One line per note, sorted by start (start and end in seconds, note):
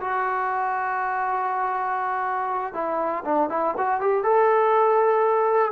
0.00 2.74 F#4
2.74 3.24 E4
3.24 3.49 D4
3.49 3.74 E4
3.77 4.00 F#4
4.00 4.23 G4
4.23 5.72 A4